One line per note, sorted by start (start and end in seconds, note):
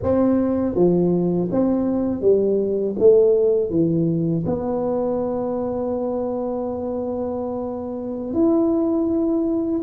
0.02 0.74 C4
0.74 1.48 F3
1.51 2.21 C4
2.21 2.95 G3
2.98 3.70 A3
3.70 4.44 E3
4.46 8.33 B3
8.33 9.81 E4